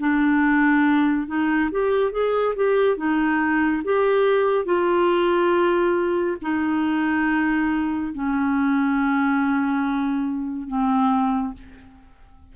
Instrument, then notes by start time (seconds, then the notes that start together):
clarinet
0.00 D4
1.27 D#4
1.71 G4
2.12 G#4
2.56 G4
2.97 D#4
3.84 G4
4.66 F4
6.42 D#4
8.14 C#4
10.68 C4